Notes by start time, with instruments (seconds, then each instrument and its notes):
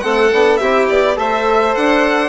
0.00 bassoon A3, trombone C4, violin A4 F#5
0.32 bassoon B3, trombone D4
0.57 bassoon C4, trombone E4, violin G4 E5
0.89 bassoon B3, violin D5
1.16 bassoon A3, trombone A4, violin C5 E5
1.75 bassoon D4, violin F#5